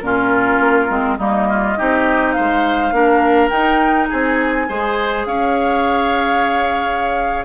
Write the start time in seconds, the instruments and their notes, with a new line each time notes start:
0.00 bassoon A#2, clarinet C#4, oboe F4, flute A#4
0.59 bassoon A#3
0.88 bassoon G#3, clarinet C4
1.18 bassoon G3, clarinet A#3, oboe D#4, flute D#5
1.49 oboe F4
1.77 bassoon C4, clarinet D#4, oboe G4
2.32 oboe C5, flute F5
2.38 bassoon G#3
2.92 bassoon A#3, clarinet D4, oboe A#4
3.49 bassoon D#4, clarinet D#4, flute G5
4.09 bassoon C4, oboe G#4, flute G#5
4.68 bassoon G#3, clarinet G#4, oboe C5
5.25 bassoon C#4, oboe C#5, flute F5